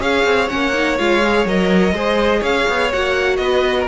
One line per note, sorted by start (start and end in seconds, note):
0.00 0.25 C#4
0.00 0.49 G#4
0.00 1.94 C#5
0.00 0.49 F5
0.25 0.49 C4
0.49 0.99 A#3
0.49 0.74 C#4
0.49 0.98 F#5
0.74 0.98 D#4
0.99 1.46 G#3
0.99 1.23 F4
0.99 1.47 F5
1.24 1.48 G#4
1.46 1.93 F#3
1.46 1.95 A#4
1.46 2.43 D#5
1.93 2.42 G#3
1.93 2.92 G#4
1.93 2.40 C5
2.40 2.67 C#4
2.40 3.37 C#5
2.40 2.92 F5
2.69 2.93 B3
2.93 3.39 A#3
2.93 3.89 F#4
2.93 3.37 F#5
3.37 3.87 B3
3.37 3.78 B4
3.37 3.85 D#5
3.80 3.89 A#4